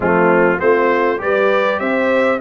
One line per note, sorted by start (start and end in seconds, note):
0.00 0.57 F3
0.00 0.58 A3
0.00 0.59 C4
0.00 0.60 F4
0.58 1.20 A3
0.58 1.18 C4
0.58 1.20 F4
0.58 1.20 C5
1.18 1.80 G3
1.18 2.38 G4
1.18 1.80 B4
1.18 1.79 D5
1.79 2.40 C4
1.79 2.40 C5
1.79 2.39 E5